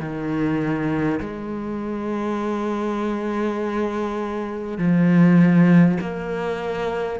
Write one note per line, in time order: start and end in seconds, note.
0.00 1.20 D#3
1.20 4.78 G#3
4.78 5.98 F3
6.01 7.20 A#3